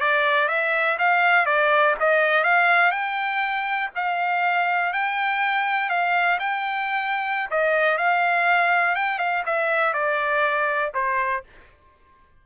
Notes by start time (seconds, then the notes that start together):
0.00 D5
0.48 E5
0.99 F5
1.46 D5
2.00 D#5
2.44 F5
2.92 G5
3.96 F5
4.93 G5
5.89 F5
6.39 G5
7.50 D#5
7.98 F5
8.96 G5
9.19 F5
9.46 E5
9.93 D5
10.94 C5